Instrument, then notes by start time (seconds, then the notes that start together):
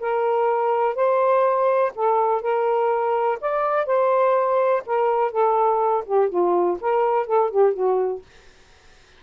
saxophone
0.00 A#4
0.96 C5
1.95 A4
2.42 A#4
3.41 D5
3.86 C5
4.86 A#4
5.32 A4
6.06 G4
6.29 F4
6.80 A#4
7.27 A4
7.51 G4
7.74 F#4